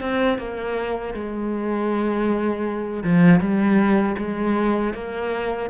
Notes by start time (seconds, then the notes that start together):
0.00 C4
0.38 A#3
1.13 G#3
3.03 F3
3.40 G3
4.17 G#3
4.94 A#3